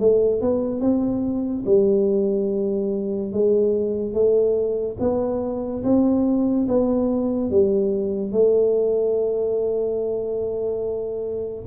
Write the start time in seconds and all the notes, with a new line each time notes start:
0.00 A3
0.41 B3
0.80 C4
1.66 G3
3.32 G#3
4.13 A3
5.00 B3
5.84 C4
6.68 B3
7.50 G3
8.32 A3